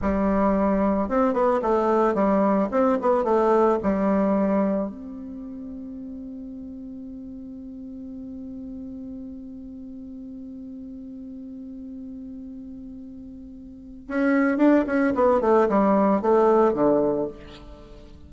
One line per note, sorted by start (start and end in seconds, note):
0.01 1.09 G3
1.09 1.33 C4
1.33 1.60 B3
1.61 2.14 A3
2.14 2.68 G3
2.71 2.98 C4
3.01 3.24 B3
3.24 3.78 A3
3.83 4.89 G3
4.89 14.07 C4
14.07 14.57 C#4
14.57 14.84 D4
14.86 15.13 C#4
15.14 15.41 B3
15.41 15.68 A3
15.68 16.21 G3
16.21 16.73 A3
16.73 17.27 D3